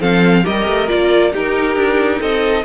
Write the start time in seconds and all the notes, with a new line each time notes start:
0.00 F3 C4 A4 F5
0.44 G3 G4 A#4 D#5
0.67 A3
0.88 A#3 F4 D5
1.32 D#4 G4 A#4
1.76 D4
2.21 C4 A4 D#5